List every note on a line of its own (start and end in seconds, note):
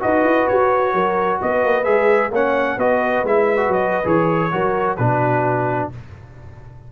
0.00 0.23 D#4
0.00 1.85 F#4
0.00 0.94 B4
0.00 0.48 D#5
0.23 0.47 E4
0.48 0.94 F#4
0.48 1.40 C#5
0.94 1.40 F#3
0.94 1.40 A#4
1.40 1.65 B3
1.40 2.32 B4
1.40 1.84 D#5
1.65 1.87 A#3
1.84 2.31 G#3
1.84 2.31 G#4
1.84 2.30 E5
2.31 2.77 A#3
2.31 2.80 C#4
2.31 2.78 C#5
2.31 2.79 F#5
2.77 3.23 B3
2.77 3.26 F#4
2.77 4.53 B4
2.77 3.25 D#5
3.23 3.68 G#3
3.23 3.57 E4
3.23 3.73 E5
3.57 4.03 F#4
3.68 4.03 F#3
3.68 4.07 D#5
4.04 4.52 E3
4.04 4.50 G#4
4.04 4.97 C#5
4.52 4.98 F#3
4.52 4.98 F#4
4.52 4.99 A#4
4.97 5.91 B2
4.97 5.92 D4
4.97 5.91 F#4
4.97 5.89 B4